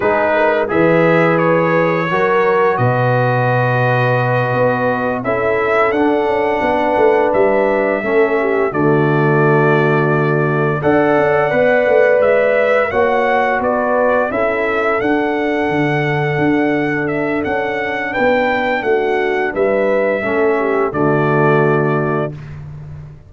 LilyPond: <<
  \new Staff \with { instrumentName = "trumpet" } { \time 4/4 \tempo 4 = 86 b'4 e''4 cis''2 | dis''2.~ dis''8 e''8~ | e''8 fis''2 e''4.~ | e''8 d''2. fis''8~ |
fis''4. e''4 fis''4 d''8~ | d''8 e''4 fis''2~ fis''8~ | fis''8 e''8 fis''4 g''4 fis''4 | e''2 d''2 | }
  \new Staff \with { instrumentName = "horn" } { \time 4/4 gis'8 ais'8 b'2 ais'4 | b'2.~ b'8 a'8~ | a'4. b'2 a'8 | g'8 fis'2. d''8~ |
d''2~ d''8 cis''4 b'8~ | b'8 a'2.~ a'8~ | a'2 b'4 fis'4 | b'4 a'8 g'8 fis'2 | }
  \new Staff \with { instrumentName = "trombone" } { \time 4/4 dis'4 gis'2 fis'4~ | fis'2.~ fis'8 e'8~ | e'8 d'2. cis'8~ | cis'8 a2. a'8~ |
a'8 b'2 fis'4.~ | fis'8 e'4 d'2~ d'8~ | d'1~ | d'4 cis'4 a2 | }
  \new Staff \with { instrumentName = "tuba" } { \time 4/4 gis4 e2 fis4 | b,2~ b,8 b4 cis'8~ | cis'8 d'8 cis'8 b8 a8 g4 a8~ | a8 d2. d'8 |
cis'8 b8 a8 gis4 ais4 b8~ | b8 cis'4 d'4 d4 d'8~ | d'4 cis'4 b4 a4 | g4 a4 d2 | }
>>